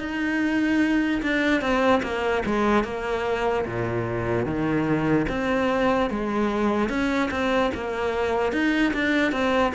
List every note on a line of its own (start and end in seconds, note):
0.00 1.22 D#4
1.22 1.61 D4
1.61 2.01 C4
2.03 2.43 A#3
2.45 2.84 G#3
2.84 3.65 A#3
3.66 4.45 A#2
4.45 5.26 D#3
5.29 6.10 C4
6.10 6.89 G#3
6.89 7.30 C#4
7.30 7.71 C4
7.74 8.52 A#3
8.52 8.93 D#4
8.93 9.32 D4
9.32 9.73 C4